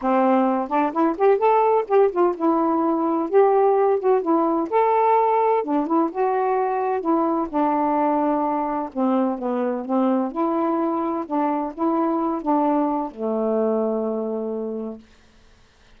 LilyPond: \new Staff \with { instrumentName = "saxophone" } { \time 4/4 \tempo 4 = 128 c'4. d'8 e'8 g'8 a'4 | g'8 f'8 e'2 g'4~ | g'8 fis'8 e'4 a'2 | d'8 e'8 fis'2 e'4 |
d'2. c'4 | b4 c'4 e'2 | d'4 e'4. d'4. | a1 | }